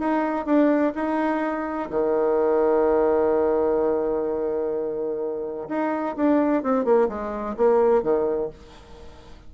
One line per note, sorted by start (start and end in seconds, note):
0.00 0.46 D#4
0.46 0.93 D4
0.96 1.90 D#4
1.90 5.68 D#3
5.69 6.16 D#4
6.17 6.64 D4
6.64 6.85 C4
6.85 7.09 A#3
7.09 7.56 G#3
7.57 8.03 A#3
8.03 8.50 D#3